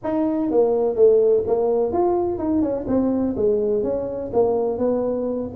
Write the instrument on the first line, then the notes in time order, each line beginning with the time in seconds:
tuba
0.03 D#4
0.51 A#3
0.95 A3
1.46 A#3
1.92 F4
2.38 D#4
2.62 C#4
2.87 C4
3.36 G#3
3.83 C#4
4.33 A#3
4.78 B3